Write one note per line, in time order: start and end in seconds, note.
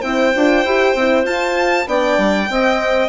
0.00 0.34 C4
0.00 0.34 E4
0.00 1.86 C5
0.00 1.25 G5
0.36 0.65 D4
0.36 0.66 F4
0.65 0.95 E4
0.65 0.97 G4
0.95 1.24 C4
0.95 1.24 E4
1.24 1.86 F4
1.24 1.88 A5
1.87 2.18 B3
1.87 2.49 D4
1.87 2.51 D5
1.87 3.09 G5
2.18 2.49 G3
2.50 3.09 C4
2.50 3.09 D#5